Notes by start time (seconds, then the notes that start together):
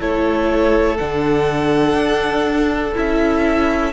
0.00 A3 E4 A4 C#5
0.98 D3 D4 F#5
1.95 D4
2.95 C#4 E4 E5